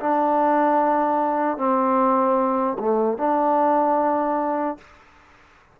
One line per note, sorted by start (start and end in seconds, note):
0.00 1.58 D4
1.58 2.78 C4
2.79 3.18 A3
3.18 4.78 D4